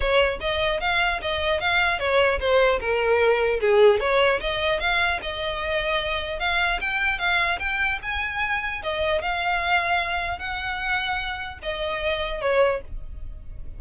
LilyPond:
\new Staff \with { instrumentName = "violin" } { \time 4/4 \tempo 4 = 150 cis''4 dis''4 f''4 dis''4 | f''4 cis''4 c''4 ais'4~ | ais'4 gis'4 cis''4 dis''4 | f''4 dis''2. |
f''4 g''4 f''4 g''4 | gis''2 dis''4 f''4~ | f''2 fis''2~ | fis''4 dis''2 cis''4 | }